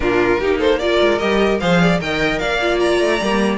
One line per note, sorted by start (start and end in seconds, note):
0.00 0.39 A#2
0.00 0.39 D4
0.00 0.40 F4
0.00 0.58 A#4
0.39 0.99 A#3
0.39 0.80 D#4
0.39 0.58 G4
0.58 0.78 A4
0.58 0.79 C5
0.79 1.19 F4
0.79 1.61 A#4
0.79 1.18 D5
1.00 1.20 G#3
1.18 1.61 G3
1.18 1.59 G4
1.18 1.58 D#5
1.60 2.00 F3
1.60 2.00 G#4
1.60 1.80 C5
1.60 2.00 F5
1.80 2.00 D5
2.00 2.40 D#3
2.00 2.59 A#4
2.00 2.40 D#5
2.00 2.38 G5
2.38 3.00 A#3
2.38 3.58 D5
2.38 2.78 F5
2.59 3.19 F4
2.79 3.58 A#5
3.00 3.20 A3
3.21 3.58 G3
3.21 3.58 A#3